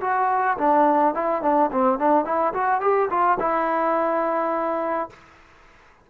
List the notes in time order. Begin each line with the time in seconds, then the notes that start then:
0.00 F#4
0.57 D4
1.14 E4
1.42 D4
1.71 C4
1.99 D4
2.25 E4
2.53 F#4
2.80 G4
3.10 F4
3.39 E4